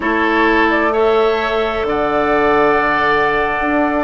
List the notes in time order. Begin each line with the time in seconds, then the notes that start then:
0.00 A3 E4 A4 C#5
0.70 D5
0.92 A4 C#5 E5
1.83 D3 D5 F#5
3.60 D4